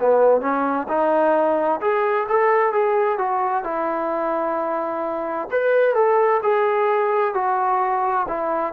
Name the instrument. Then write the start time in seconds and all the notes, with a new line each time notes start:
trombone
0.00 B3
0.41 C#4
0.88 D#4
1.81 G#4
2.29 A4
2.73 G#4
3.18 F#4
3.64 E4
5.51 B4
5.95 A4
6.43 G#4
7.34 F#4
8.29 E4